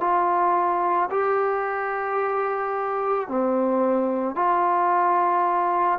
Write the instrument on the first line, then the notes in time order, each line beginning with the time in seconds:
trombone
0.00 F4
1.11 G4
3.28 C4
4.35 F4